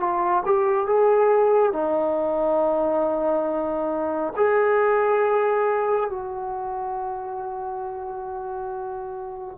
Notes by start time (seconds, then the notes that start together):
0.00 F4
0.45 G4
0.87 G#4
1.73 D#4
4.36 G#4
6.10 F#4